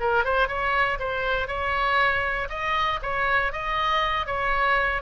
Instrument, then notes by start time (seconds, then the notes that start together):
oboe
0.00 A#4
0.25 C5
0.48 C#5
0.99 C5
1.48 C#5
2.49 D#5
3.02 C#5
3.52 D#5
4.27 C#5